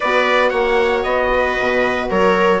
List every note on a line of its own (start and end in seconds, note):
0.00 0.52 B3
0.00 2.60 F#4
0.00 0.50 B4
0.00 0.49 D5
0.49 1.04 A#3
0.49 1.29 C#5
0.49 1.02 F#5
1.03 1.57 B3
1.03 2.08 D#5
1.33 2.10 B4
1.60 2.10 B2
2.09 2.60 F#3
2.09 2.60 A#4
2.09 2.60 C#5